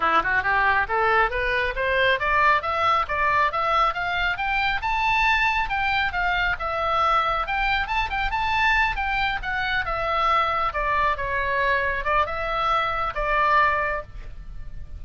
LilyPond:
\new Staff \with { instrumentName = "oboe" } { \time 4/4 \tempo 4 = 137 e'8 fis'8 g'4 a'4 b'4 | c''4 d''4 e''4 d''4 | e''4 f''4 g''4 a''4~ | a''4 g''4 f''4 e''4~ |
e''4 g''4 a''8 g''8 a''4~ | a''8 g''4 fis''4 e''4.~ | e''8 d''4 cis''2 d''8 | e''2 d''2 | }